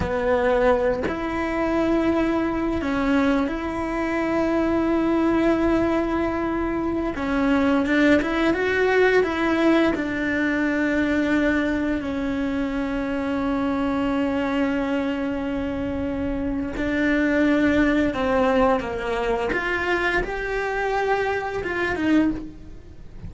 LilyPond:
\new Staff \with { instrumentName = "cello" } { \time 4/4 \tempo 4 = 86 b4. e'2~ e'8 | cis'4 e'2.~ | e'2~ e'16 cis'4 d'8 e'16~ | e'16 fis'4 e'4 d'4.~ d'16~ |
d'4~ d'16 cis'2~ cis'8.~ | cis'1 | d'2 c'4 ais4 | f'4 g'2 f'8 dis'8 | }